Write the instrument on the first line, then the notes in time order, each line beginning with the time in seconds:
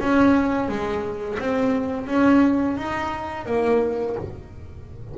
double bass
0.00 C#4
0.69 G#3
1.40 C4
2.07 C#4
2.77 D#4
3.46 A#3